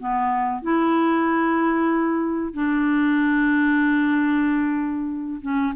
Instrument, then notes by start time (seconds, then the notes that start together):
clarinet
0.00 B3
0.63 E4
2.54 D4
5.43 C#4